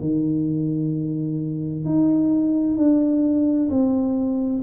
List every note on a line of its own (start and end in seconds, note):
0.00 1.85 D#3
1.85 2.77 D#4
2.77 3.69 D4
3.70 4.62 C4